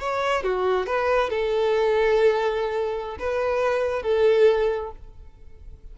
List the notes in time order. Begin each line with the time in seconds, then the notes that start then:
0.00 C#5
0.44 F#4
0.87 B4
1.30 A4
3.19 B4
4.03 A4